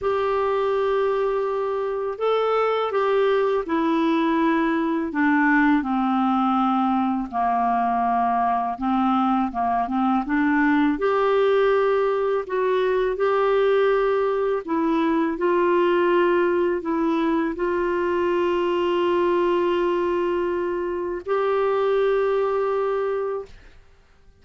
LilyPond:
\new Staff \with { instrumentName = "clarinet" } { \time 4/4 \tempo 4 = 82 g'2. a'4 | g'4 e'2 d'4 | c'2 ais2 | c'4 ais8 c'8 d'4 g'4~ |
g'4 fis'4 g'2 | e'4 f'2 e'4 | f'1~ | f'4 g'2. | }